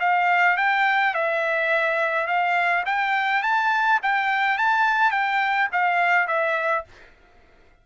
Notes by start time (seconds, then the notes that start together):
0.00 F5
0.57 G5
1.14 E5
2.27 F5
2.86 G5
3.43 A5
4.03 G5
4.58 A5
5.11 G5
5.72 F5
6.27 E5